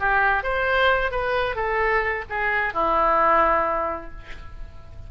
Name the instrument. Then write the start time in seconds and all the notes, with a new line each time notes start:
oboe
0.00 G4
0.44 C5
1.12 B4
1.56 A4
2.30 G#4
2.74 E4